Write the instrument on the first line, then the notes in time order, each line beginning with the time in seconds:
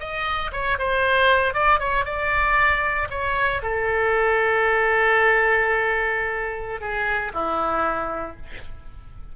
oboe
0.00 D#5
0.52 C#5
0.79 C5
1.54 D5
1.79 C#5
2.05 D5
3.11 C#5
3.62 A4
6.81 G#4
7.34 E4